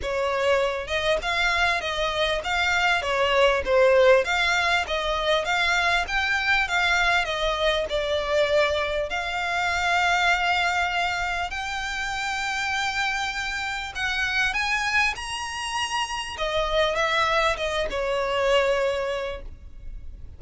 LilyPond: \new Staff \with { instrumentName = "violin" } { \time 4/4 \tempo 4 = 99 cis''4. dis''8 f''4 dis''4 | f''4 cis''4 c''4 f''4 | dis''4 f''4 g''4 f''4 | dis''4 d''2 f''4~ |
f''2. g''4~ | g''2. fis''4 | gis''4 ais''2 dis''4 | e''4 dis''8 cis''2~ cis''8 | }